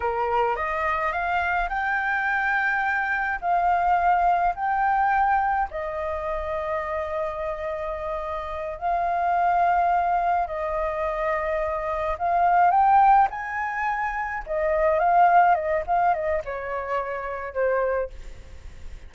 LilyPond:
\new Staff \with { instrumentName = "flute" } { \time 4/4 \tempo 4 = 106 ais'4 dis''4 f''4 g''4~ | g''2 f''2 | g''2 dis''2~ | dis''2.~ dis''8 f''8~ |
f''2~ f''8 dis''4.~ | dis''4. f''4 g''4 gis''8~ | gis''4. dis''4 f''4 dis''8 | f''8 dis''8 cis''2 c''4 | }